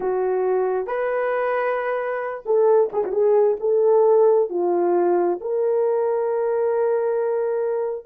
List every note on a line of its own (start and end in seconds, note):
0.00 0.86 F#4
0.86 2.43 B4
2.45 2.90 A4
2.92 3.04 G#4
3.04 3.12 F#4
3.12 3.57 G#4
3.60 4.49 A4
4.49 5.39 F4
5.40 8.05 A#4